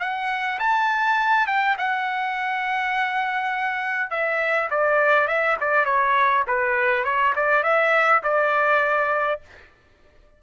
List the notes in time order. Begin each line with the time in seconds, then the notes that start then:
0.00 F#5
0.59 A5
1.47 G5
1.78 F#5
4.10 E5
4.71 D5
5.28 E5
5.60 D5
5.86 C#5
6.47 B4
7.04 C#5
7.36 D5
7.63 E5
8.24 D5